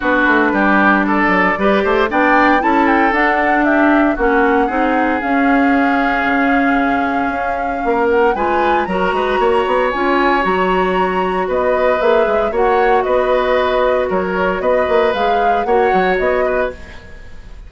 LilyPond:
<<
  \new Staff \with { instrumentName = "flute" } { \time 4/4 \tempo 4 = 115 b'2 d''2 | g''4 a''8 g''8 fis''4 e''4 | fis''2 f''2~ | f''2.~ f''8 fis''8 |
gis''4 ais''2 gis''4 | ais''2 dis''4 e''4 | fis''4 dis''2 cis''4 | dis''4 f''4 fis''4 dis''4 | }
  \new Staff \with { instrumentName = "oboe" } { \time 4/4 fis'4 g'4 a'4 b'8 c''8 | d''4 a'2 g'4 | fis'4 gis'2.~ | gis'2. ais'4 |
b'4 ais'8 b'8 cis''2~ | cis''2 b'2 | cis''4 b'2 ais'4 | b'2 cis''4. b'8 | }
  \new Staff \with { instrumentName = "clarinet" } { \time 4/4 d'2. g'4 | d'4 e'4 d'2 | cis'4 dis'4 cis'2~ | cis'1 |
f'4 fis'2 f'4 | fis'2. gis'4 | fis'1~ | fis'4 gis'4 fis'2 | }
  \new Staff \with { instrumentName = "bassoon" } { \time 4/4 b8 a8 g4. fis8 g8 a8 | b4 cis'4 d'2 | ais4 c'4 cis'2 | cis2 cis'4 ais4 |
gis4 fis8 gis8 ais8 b8 cis'4 | fis2 b4 ais8 gis8 | ais4 b2 fis4 | b8 ais8 gis4 ais8 fis8 b4 | }
>>